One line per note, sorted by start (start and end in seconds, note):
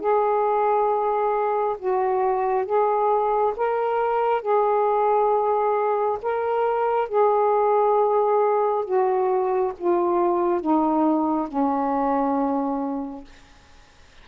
0.00 1.76 G#4
1.79 2.66 F#4
2.66 3.54 G#4
3.56 4.42 A#4
4.42 6.18 G#4
6.22 7.08 A#4
7.08 8.85 G#4
8.85 9.73 F#4
9.78 10.61 F4
10.61 11.48 D#4
11.48 13.24 C#4